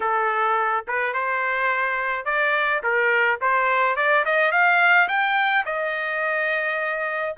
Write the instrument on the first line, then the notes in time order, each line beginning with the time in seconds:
trumpet
0.00 A4
0.87 B4
1.13 C5
2.25 D5
2.83 A#4
3.41 C5
3.96 D5
4.25 D#5
4.51 F5
5.08 G5
5.65 D#5